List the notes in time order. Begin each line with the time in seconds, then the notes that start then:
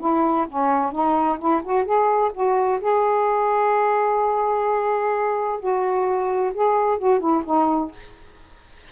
0.00 E4
0.49 C#4
0.92 D#4
1.39 E4
1.64 F#4
1.85 G#4
2.34 F#4
2.81 G#4
5.60 F#4
6.54 G#4
6.99 F#4
7.20 E4
7.45 D#4